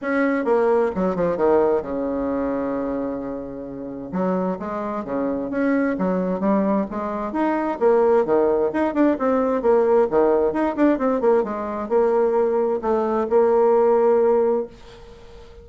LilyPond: \new Staff \with { instrumentName = "bassoon" } { \time 4/4 \tempo 4 = 131 cis'4 ais4 fis8 f8 dis4 | cis1~ | cis4 fis4 gis4 cis4 | cis'4 fis4 g4 gis4 |
dis'4 ais4 dis4 dis'8 d'8 | c'4 ais4 dis4 dis'8 d'8 | c'8 ais8 gis4 ais2 | a4 ais2. | }